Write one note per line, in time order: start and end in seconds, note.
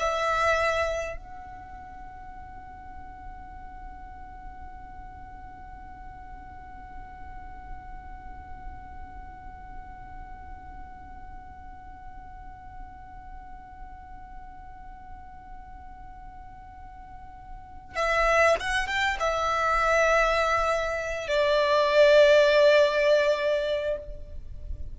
0.00 1.17 E5
1.17 17.96 F#5
17.96 18.56 E5
18.60 18.87 F#5
18.87 19.17 G5
19.20 21.28 E5
21.28 23.98 D5